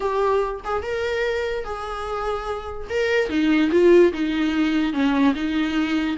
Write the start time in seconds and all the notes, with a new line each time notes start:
0.00 G4
0.64 G#4
0.82 A#4
1.64 G#4
2.89 A#4
3.29 D#4
3.71 F4
4.12 D#4
4.93 C#4
5.34 D#4